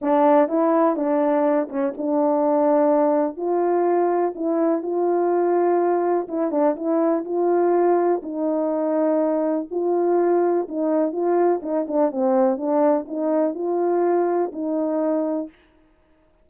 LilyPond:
\new Staff \with { instrumentName = "horn" } { \time 4/4 \tempo 4 = 124 d'4 e'4 d'4. cis'8 | d'2. f'4~ | f'4 e'4 f'2~ | f'4 e'8 d'8 e'4 f'4~ |
f'4 dis'2. | f'2 dis'4 f'4 | dis'8 d'8 c'4 d'4 dis'4 | f'2 dis'2 | }